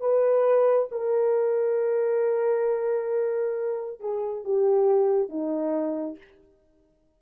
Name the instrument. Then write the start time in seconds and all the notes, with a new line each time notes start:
horn
0.00 B4
0.91 A#4
4.00 G#4
4.44 G4
5.29 D#4